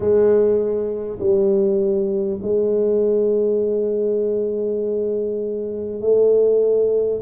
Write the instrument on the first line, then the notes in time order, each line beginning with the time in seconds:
tuba
0.00 G#3
1.19 G3
2.42 G#3
6.00 A3